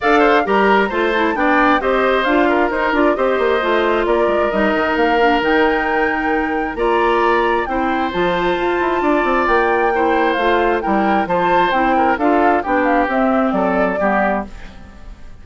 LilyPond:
<<
  \new Staff \with { instrumentName = "flute" } { \time 4/4 \tempo 4 = 133 f''4 ais''4 a''4 g''4 | dis''4 f''4 c''8 d''8 dis''4~ | dis''4 d''4 dis''4 f''4 | g''2. ais''4~ |
ais''4 g''4 a''2~ | a''4 g''2 f''4 | g''4 a''4 g''4 f''4 | g''8 f''8 e''4 d''2 | }
  \new Staff \with { instrumentName = "oboe" } { \time 4/4 d''8 c''8 ais'4 c''4 d''4 | c''4. ais'4. c''4~ | c''4 ais'2.~ | ais'2. d''4~ |
d''4 c''2. | d''2 c''2 | ais'4 c''4. ais'8 a'4 | g'2 a'4 g'4 | }
  \new Staff \with { instrumentName = "clarinet" } { \time 4/4 a'4 g'4 f'8 e'8 d'4 | g'4 f'4 dis'8 f'8 g'4 | f'2 dis'4. d'8 | dis'2. f'4~ |
f'4 e'4 f'2~ | f'2 e'4 f'4 | e'4 f'4 e'4 f'4 | d'4 c'2 b4 | }
  \new Staff \with { instrumentName = "bassoon" } { \time 4/4 d'4 g4 a4 b4 | c'4 d'4 dis'8 d'8 c'8 ais8 | a4 ais8 gis8 g8 dis8 ais4 | dis2. ais4~ |
ais4 c'4 f4 f'8 e'8 | d'8 c'8 ais2 a4 | g4 f4 c'4 d'4 | b4 c'4 fis4 g4 | }
>>